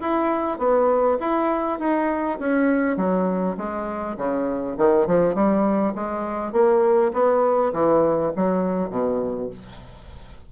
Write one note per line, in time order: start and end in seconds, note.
0.00 0.58 E4
0.58 1.18 B3
1.20 1.79 E4
1.79 2.38 D#4
2.39 2.96 C#4
2.96 3.56 F#3
3.57 4.16 G#3
4.17 4.76 C#3
4.77 5.07 D#3
5.07 5.34 F3
5.34 5.94 G3
5.95 6.52 G#3
6.52 7.12 A#3
7.13 7.73 B3
7.73 8.32 E3
8.36 8.90 F#3
8.90 9.49 B2